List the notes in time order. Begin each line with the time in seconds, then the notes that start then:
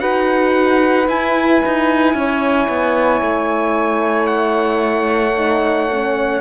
0.00 D#4 F#4 B4 F#5
1.08 E4 G#5
1.66 D#4
2.15 C#4 C#5
2.69 B3
3.22 A3
4.27 F#5
5.35 D#4
5.92 C#4